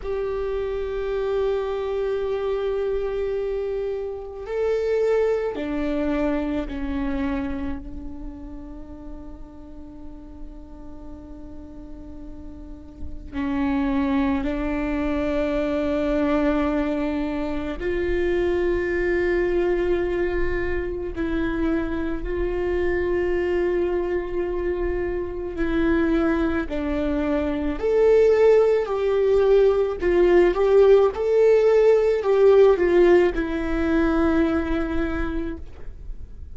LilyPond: \new Staff \with { instrumentName = "viola" } { \time 4/4 \tempo 4 = 54 g'1 | a'4 d'4 cis'4 d'4~ | d'1 | cis'4 d'2. |
f'2. e'4 | f'2. e'4 | d'4 a'4 g'4 f'8 g'8 | a'4 g'8 f'8 e'2 | }